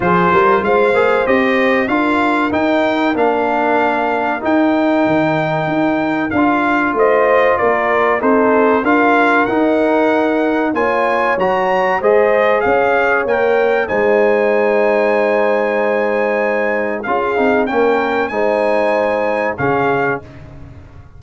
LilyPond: <<
  \new Staff \with { instrumentName = "trumpet" } { \time 4/4 \tempo 4 = 95 c''4 f''4 dis''4 f''4 | g''4 f''2 g''4~ | g''2 f''4 dis''4 | d''4 c''4 f''4 fis''4~ |
fis''4 gis''4 ais''4 dis''4 | f''4 g''4 gis''2~ | gis''2. f''4 | g''4 gis''2 f''4 | }
  \new Staff \with { instrumentName = "horn" } { \time 4/4 gis'8 ais'8 c''2 ais'4~ | ais'1~ | ais'2. c''4 | ais'4 a'4 ais'2~ |
ais'4 cis''2 c''4 | cis''2 c''2~ | c''2. gis'4 | ais'4 c''2 gis'4 | }
  \new Staff \with { instrumentName = "trombone" } { \time 4/4 f'4. gis'8 g'4 f'4 | dis'4 d'2 dis'4~ | dis'2 f'2~ | f'4 dis'4 f'4 dis'4~ |
dis'4 f'4 fis'4 gis'4~ | gis'4 ais'4 dis'2~ | dis'2. f'8 dis'8 | cis'4 dis'2 cis'4 | }
  \new Staff \with { instrumentName = "tuba" } { \time 4/4 f8 g8 gis8 ais8 c'4 d'4 | dis'4 ais2 dis'4 | dis4 dis'4 d'4 a4 | ais4 c'4 d'4 dis'4~ |
dis'4 ais4 fis4 gis4 | cis'4 ais4 gis2~ | gis2. cis'8 c'8 | ais4 gis2 cis4 | }
>>